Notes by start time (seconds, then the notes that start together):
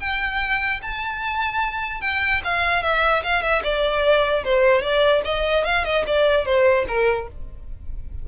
0.00 G5
0.82 A5
2.01 G5
2.44 F5
2.83 E5
3.23 F5
3.42 E5
3.64 D5
4.44 C5
4.82 D5
5.25 D#5
5.65 F5
5.85 D#5
6.07 D5
6.45 C5
6.88 A#4